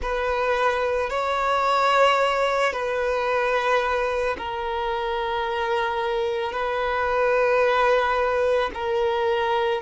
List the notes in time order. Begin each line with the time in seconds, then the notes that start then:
0.01 B4
1.10 C#5
2.72 B4
4.37 A#4
6.52 B4
8.74 A#4